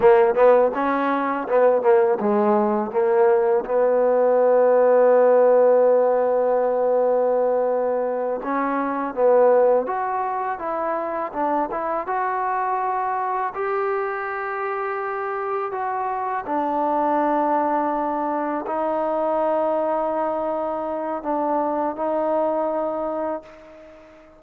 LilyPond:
\new Staff \with { instrumentName = "trombone" } { \time 4/4 \tempo 4 = 82 ais8 b8 cis'4 b8 ais8 gis4 | ais4 b2.~ | b2.~ b8 cis'8~ | cis'8 b4 fis'4 e'4 d'8 |
e'8 fis'2 g'4.~ | g'4. fis'4 d'4.~ | d'4. dis'2~ dis'8~ | dis'4 d'4 dis'2 | }